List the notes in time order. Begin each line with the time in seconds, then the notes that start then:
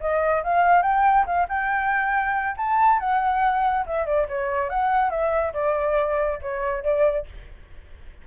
0.00 D#5
0.43 F5
0.82 G5
1.26 F5
1.48 G5
2.56 A5
2.99 F#5
3.86 E5
4.05 D5
4.28 C#5
4.69 F#5
5.10 E5
5.53 D5
6.41 C#5
6.83 D5